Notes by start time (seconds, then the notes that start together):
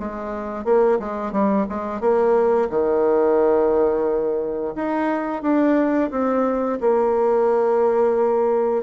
0.00 G#3
0.65 A#3
1.00 G#3
1.33 G3
1.70 G#3
2.01 A#3
2.70 D#3
4.76 D#4
5.43 D4
6.11 C4
6.81 A#3